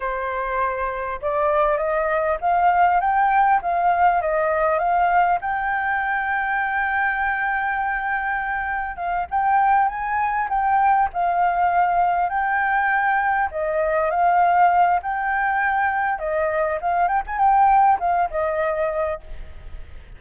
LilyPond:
\new Staff \with { instrumentName = "flute" } { \time 4/4 \tempo 4 = 100 c''2 d''4 dis''4 | f''4 g''4 f''4 dis''4 | f''4 g''2.~ | g''2. f''8 g''8~ |
g''8 gis''4 g''4 f''4.~ | f''8 g''2 dis''4 f''8~ | f''4 g''2 dis''4 | f''8 g''16 gis''16 g''4 f''8 dis''4. | }